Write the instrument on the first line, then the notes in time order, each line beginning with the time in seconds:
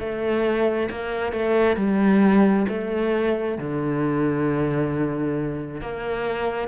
cello
0.00 A3
0.91 A#3
1.33 A3
1.77 G3
2.69 A3
3.59 D3
5.82 A#3